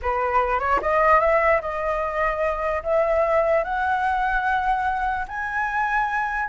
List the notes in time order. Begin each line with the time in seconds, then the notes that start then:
0.02 B4
0.59 C#5
0.81 D#5
1.20 E5
1.61 D#5
2.83 E5
3.63 F#5
5.28 G#5